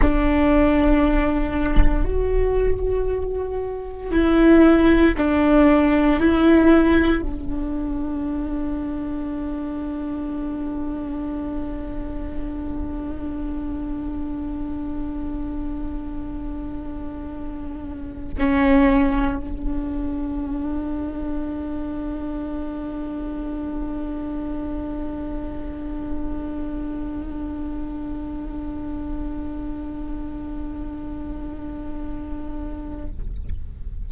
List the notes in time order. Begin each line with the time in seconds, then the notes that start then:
0.01 D4
2.04 F#4
4.11 E4
5.17 D4
6.19 E4
7.21 D4
18.38 C#4
19.39 D4